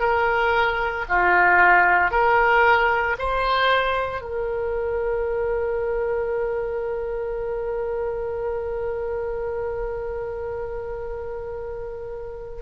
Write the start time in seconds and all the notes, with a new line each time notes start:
0.00 A#4
1.09 F4
2.11 A#4
3.19 C5
4.22 A#4